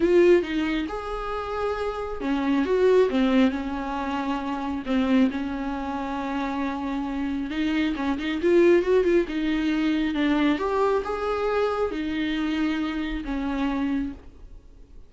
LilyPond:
\new Staff \with { instrumentName = "viola" } { \time 4/4 \tempo 4 = 136 f'4 dis'4 gis'2~ | gis'4 cis'4 fis'4 c'4 | cis'2. c'4 | cis'1~ |
cis'4 dis'4 cis'8 dis'8 f'4 | fis'8 f'8 dis'2 d'4 | g'4 gis'2 dis'4~ | dis'2 cis'2 | }